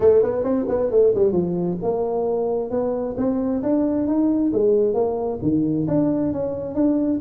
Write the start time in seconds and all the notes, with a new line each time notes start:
0.00 A3
0.23 B3
0.43 C4
0.68 B3
0.90 A3
1.14 G3
1.32 F3
1.82 A#3
2.70 B3
3.17 C4
3.62 D4
4.07 D#4
4.53 G#3
4.94 A#3
5.42 D#3
5.87 D4
6.32 C#4
6.74 D4